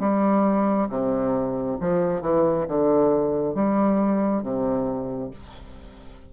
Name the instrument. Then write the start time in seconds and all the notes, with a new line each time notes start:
bassoon
0.00 G3
0.89 C3
1.80 F3
2.22 E3
2.68 D3
3.55 G3
4.43 C3